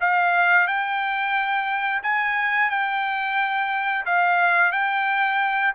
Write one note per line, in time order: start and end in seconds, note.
0.00 0.67 F5
0.67 2.02 G5
2.03 2.70 G#5
2.70 4.05 G5
4.05 4.72 F5
4.72 5.73 G5